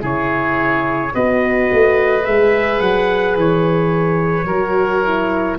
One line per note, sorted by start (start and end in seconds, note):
0.00 1.14 C#3
0.00 1.11 E4
0.00 1.13 G#4
0.00 1.15 C#5
1.15 1.70 B3
1.15 2.24 F#4
1.15 4.47 B4
1.15 2.25 D#5
1.72 2.28 A3
2.24 2.81 G#3
2.24 4.46 G#4
2.24 2.81 E5
2.81 3.36 F#3
2.81 3.36 F#5
3.36 4.45 E3
3.36 5.59 C#5
4.45 5.56 F#3
4.45 5.04 F#4
4.45 5.58 A#4
5.04 5.59 E4